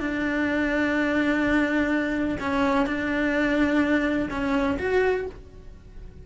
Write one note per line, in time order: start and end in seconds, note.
0.00 2.38 D4
2.40 2.86 C#4
2.86 4.29 D4
4.30 4.78 C#4
4.79 5.27 F#4